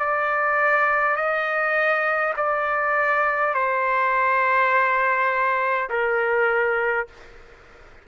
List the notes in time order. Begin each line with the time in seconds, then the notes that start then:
0.00 D5
1.17 D#5
2.37 D5
3.55 C5
5.90 A#4